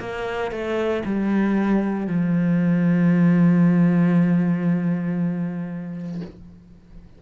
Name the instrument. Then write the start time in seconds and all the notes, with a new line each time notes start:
cello
0.00 A#3
0.52 A3
1.05 G3
2.07 F3